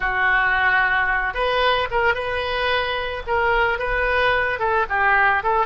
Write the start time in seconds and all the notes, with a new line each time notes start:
0.00 F#4
1.33 B4
1.90 A#4
2.14 B4
3.27 A#4
3.78 B4
4.59 A4
4.89 G4
5.43 A4